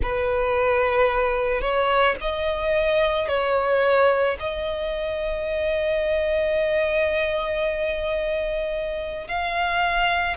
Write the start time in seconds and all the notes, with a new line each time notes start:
0.02 B4
1.61 C#5
2.20 D#5
3.28 C#5
4.39 D#5
9.27 F5